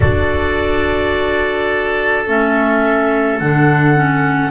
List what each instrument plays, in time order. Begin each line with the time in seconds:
0.00 double bass D4, clarinet F#4 D5, oboe A4
2.26 double bass A3, clarinet C#4 E5
3.39 double bass D3, clarinet D4 F#5
3.94 clarinet C#4